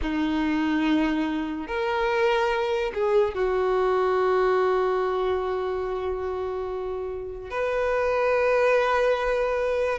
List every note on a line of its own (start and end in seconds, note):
0.01 1.67 D#4
1.67 2.92 A#4
2.94 3.34 G#4
3.34 7.50 F#4
7.50 9.98 B4